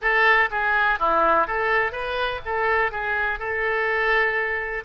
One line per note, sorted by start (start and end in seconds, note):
0.01 0.49 A4
0.50 0.99 G#4
0.99 1.47 E4
1.47 1.92 A4
1.92 2.40 B4
2.45 2.91 A4
2.91 3.39 G#4
3.39 4.84 A4